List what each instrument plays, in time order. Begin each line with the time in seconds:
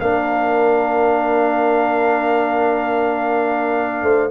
0.00 tuba A#3, trombone D4, horn A#4, trumpet F5
4.03 tuba A3, horn C5